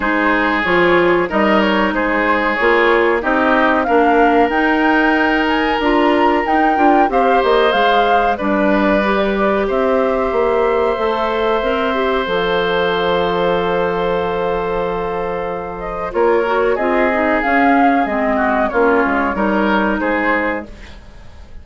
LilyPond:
<<
  \new Staff \with { instrumentName = "flute" } { \time 4/4 \tempo 4 = 93 c''4 cis''4 dis''8 cis''8 c''4 | cis''4 dis''4 f''4 g''4~ | g''8 gis''8 ais''4 g''4 f''8 dis''8 | f''4 d''2 e''4~ |
e''2. f''4~ | f''1~ | f''8 dis''8 cis''4 dis''4 f''4 | dis''4 cis''2 c''4 | }
  \new Staff \with { instrumentName = "oboe" } { \time 4/4 gis'2 ais'4 gis'4~ | gis'4 g'4 ais'2~ | ais'2. c''4~ | c''4 b'2 c''4~ |
c''1~ | c''1~ | c''4 ais'4 gis'2~ | gis'8 fis'8 f'4 ais'4 gis'4 | }
  \new Staff \with { instrumentName = "clarinet" } { \time 4/4 dis'4 f'4 dis'2 | f'4 dis'4 d'4 dis'4~ | dis'4 f'4 dis'8 f'8 g'4 | gis'4 d'4 g'2~ |
g'4 a'4 ais'8 g'8 a'4~ | a'1~ | a'4 f'8 fis'8 f'8 dis'8 cis'4 | c'4 cis'4 dis'2 | }
  \new Staff \with { instrumentName = "bassoon" } { \time 4/4 gis4 f4 g4 gis4 | ais4 c'4 ais4 dis'4~ | dis'4 d'4 dis'8 d'8 c'8 ais8 | gis4 g2 c'4 |
ais4 a4 c'4 f4~ | f1~ | f4 ais4 c'4 cis'4 | gis4 ais8 gis8 g4 gis4 | }
>>